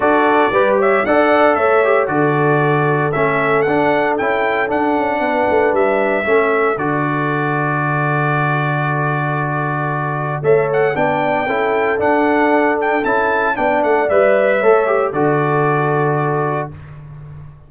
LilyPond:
<<
  \new Staff \with { instrumentName = "trumpet" } { \time 4/4 \tempo 4 = 115 d''4. e''8 fis''4 e''4 | d''2 e''4 fis''4 | g''4 fis''2 e''4~ | e''4 d''2.~ |
d''1 | e''8 fis''8 g''2 fis''4~ | fis''8 g''8 a''4 g''8 fis''8 e''4~ | e''4 d''2. | }
  \new Staff \with { instrumentName = "horn" } { \time 4/4 a'4 b'8 cis''8 d''4 cis''4 | a'1~ | a'2 b'2 | a'1~ |
a'1 | cis''4 d''4 a'2~ | a'2 d''2 | cis''4 a'2. | }
  \new Staff \with { instrumentName = "trombone" } { \time 4/4 fis'4 g'4 a'4. g'8 | fis'2 cis'4 d'4 | e'4 d'2. | cis'4 fis'2.~ |
fis'1 | a'4 d'4 e'4 d'4~ | d'4 e'4 d'4 b'4 | a'8 g'8 fis'2. | }
  \new Staff \with { instrumentName = "tuba" } { \time 4/4 d'4 g4 d'4 a4 | d2 a4 d'4 | cis'4 d'8 cis'8 b8 a8 g4 | a4 d2.~ |
d1 | a4 b4 cis'4 d'4~ | d'4 cis'4 b8 a8 g4 | a4 d2. | }
>>